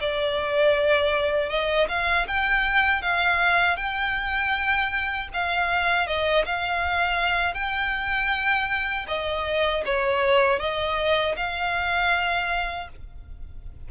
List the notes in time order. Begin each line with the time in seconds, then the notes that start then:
0.00 D5
1.49 D#5
1.88 F5
2.27 G5
3.02 F5
3.76 G5
5.33 F5
6.07 D#5
6.45 F5
7.54 G5
9.08 D#5
9.85 C#5
10.59 D#5
11.36 F5